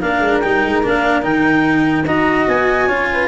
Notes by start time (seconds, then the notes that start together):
0.00 A#3 D4 A#4 F5
0.20 G#3
0.40 G3 D#4 G5
0.64 G#3
0.83 A#3 D4 F5
1.22 D#3 D#4 G5
2.05 D#4 F#4 D#5 A#5
2.48 B3 G#5
2.87 C#4 F4 C#5
3.13 B4